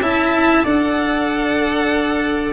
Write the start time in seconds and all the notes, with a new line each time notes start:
0.00 C#4 E4 E5 A5
0.64 D4 A4 D5 F#5